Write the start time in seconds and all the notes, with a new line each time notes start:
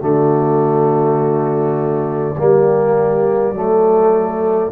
0.00 D3 A3 F#4 D5
2.36 G3 A#3 G4
3.52 F#3 A3 A4